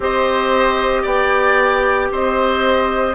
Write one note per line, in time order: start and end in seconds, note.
0.00 1.04 C4
0.00 3.14 G4
0.00 1.02 C5
0.00 1.05 D#5
1.02 2.10 B3
1.02 2.07 D5
1.02 2.11 G5
2.11 3.14 C4
2.11 3.14 C5
2.11 3.14 D#5